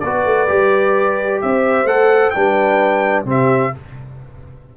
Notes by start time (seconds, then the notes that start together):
0.00 B3 F#4 B4 D5
0.25 A3
0.48 G3 G4
1.42 C4 C5 E5
1.84 A3 A4 F#5
2.30 G3 D4 B4 G5
3.25 C3 C4 G4 E5